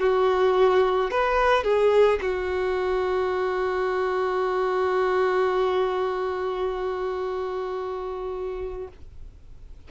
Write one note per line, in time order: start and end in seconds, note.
0.00 1.11 F#4
1.11 1.64 B4
1.64 2.20 G#4
2.22 8.88 F#4